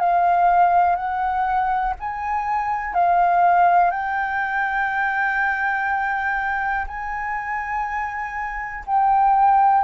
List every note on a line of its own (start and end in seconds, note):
0.00 0.96 F5
0.96 1.94 F#5
2.00 2.94 G#5
2.94 3.91 F5
3.91 6.86 G5
6.88 8.84 G#5
8.87 9.85 G5